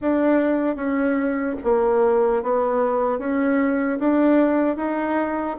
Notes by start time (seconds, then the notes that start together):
0.01 D4
0.76 C#4
1.63 A#3
2.42 B3
3.18 C#4
3.99 D4
4.76 D#4